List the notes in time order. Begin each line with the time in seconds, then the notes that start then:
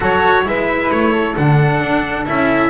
0.00 F#3 F#4 A4 C#5
0.43 G#3 E4 B4 E5
0.90 A3 C#5
1.12 A4
1.36 D3 D4 F#5
1.81 D4
2.25 C#4 E4 E5